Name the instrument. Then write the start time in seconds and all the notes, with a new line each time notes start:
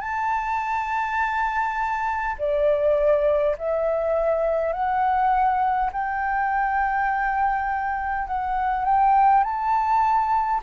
flute
0.00 A5
2.38 D5
3.58 E5
4.72 F#5
5.92 G5
8.27 F#5
8.84 G5
9.43 A5